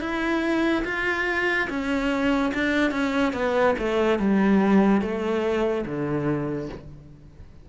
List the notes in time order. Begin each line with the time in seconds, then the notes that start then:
0.00 E4
0.84 F4
1.69 C#4
2.54 D4
2.91 C#4
3.33 B3
3.78 A3
4.19 G3
5.01 A3
5.86 D3